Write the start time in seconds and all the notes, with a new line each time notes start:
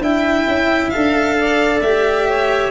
0.00 D4 E4 E5 G5
0.47 C#4
0.90 D4 A4 F5
1.40 D5
1.81 A3 G4 E5
2.29 C#5